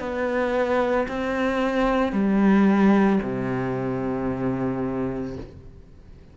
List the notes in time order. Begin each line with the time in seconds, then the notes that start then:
0.00 B3
1.09 C4
2.12 G3
3.23 C3